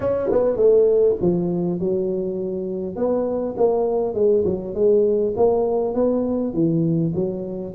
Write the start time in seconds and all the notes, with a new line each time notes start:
0.00 C#4
0.31 B3
0.56 A3
1.21 F3
1.79 F#3
2.95 B3
3.57 A#3
4.14 G#3
4.44 F#3
4.74 G#3
5.36 A#3
5.94 B3
6.53 E3
7.14 F#3